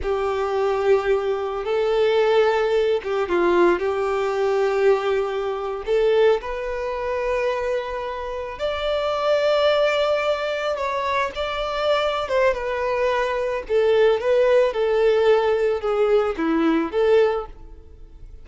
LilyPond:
\new Staff \with { instrumentName = "violin" } { \time 4/4 \tempo 4 = 110 g'2. a'4~ | a'4. g'8 f'4 g'4~ | g'2~ g'8. a'4 b'16~ | b'2.~ b'8. d''16~ |
d''2.~ d''8. cis''16~ | cis''8. d''4.~ d''16 c''8 b'4~ | b'4 a'4 b'4 a'4~ | a'4 gis'4 e'4 a'4 | }